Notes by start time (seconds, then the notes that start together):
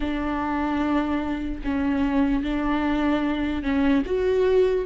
0.00 D4
1.64 C#4
2.43 D4
3.62 C#4
4.05 F#4